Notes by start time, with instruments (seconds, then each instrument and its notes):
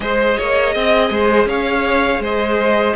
0.00 cello G#3, viola G#4, violin C5 D#5
0.37 cello A#3, violin C#5
0.73 cello C4, violin D#5
1.10 cello G#3, violin C5
1.45 cello C#4, violin C#5 F5
2.19 cello G#3, violin C5 D#5